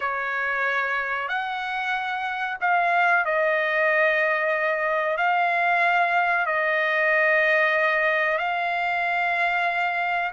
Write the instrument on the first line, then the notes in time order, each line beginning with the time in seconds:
trumpet
0.00 C#5
1.28 F#5
2.60 F5
3.25 D#5
5.17 F5
6.46 D#5
8.38 F5